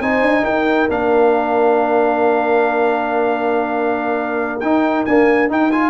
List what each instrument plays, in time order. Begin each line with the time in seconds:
0.00 tuba C4, trombone D#4, horn C5, trumpet G#5
0.21 tuba D4
0.43 tuba D#4, horn A#4, trumpet G5
0.89 tuba A#3, trombone D4, trumpet F5
4.60 tuba D#4, trombone D#4, trumpet G5
5.05 trombone A#3, tuba D4, trumpet G#5
5.49 trombone D#4, tuba D#4, trumpet G5
5.71 trombone F4, trumpet G#5